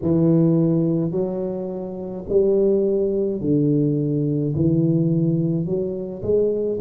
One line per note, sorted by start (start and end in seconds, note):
0.02 1.11 E3
1.11 2.24 F#3
2.28 3.41 G3
3.41 4.54 D3
4.55 5.65 E3
5.65 6.22 F#3
6.22 6.79 G#3